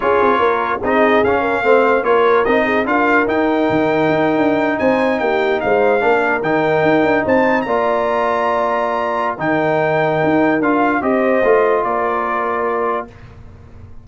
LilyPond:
<<
  \new Staff \with { instrumentName = "trumpet" } { \time 4/4 \tempo 4 = 147 cis''2 dis''4 f''4~ | f''4 cis''4 dis''4 f''4 | g''2.~ g''8. gis''16~ | gis''8. g''4 f''2 g''16~ |
g''4.~ g''16 a''4 ais''4~ ais''16~ | ais''2. g''4~ | g''2 f''4 dis''4~ | dis''4 d''2. | }
  \new Staff \with { instrumentName = "horn" } { \time 4/4 gis'4 ais'4 gis'4. ais'8 | c''4 ais'4. gis'8 ais'4~ | ais'2.~ ais'8. c''16~ | c''8. g'4 c''4 ais'4~ ais'16~ |
ais'4.~ ais'16 c''4 d''4~ d''16~ | d''2. ais'4~ | ais'2. c''4~ | c''4 ais'2. | }
  \new Staff \with { instrumentName = "trombone" } { \time 4/4 f'2 dis'4 cis'4 | c'4 f'4 dis'4 f'4 | dis'1~ | dis'2~ dis'8. d'4 dis'16~ |
dis'2~ dis'8. f'4~ f'16~ | f'2. dis'4~ | dis'2 f'4 g'4 | f'1 | }
  \new Staff \with { instrumentName = "tuba" } { \time 4/4 cis'8 c'8 ais4 c'4 cis'4 | a4 ais4 c'4 d'4 | dis'4 dis4 dis'8. d'4 c'16~ | c'8. ais4 gis4 ais4 dis16~ |
dis8. dis'8 d'8 c'4 ais4~ ais16~ | ais2. dis4~ | dis4 dis'4 d'4 c'4 | a4 ais2. | }
>>